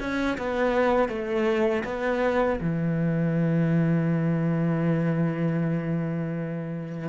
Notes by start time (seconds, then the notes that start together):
0.00 C#4
0.38 B3
1.08 A3
1.84 B3
2.60 E3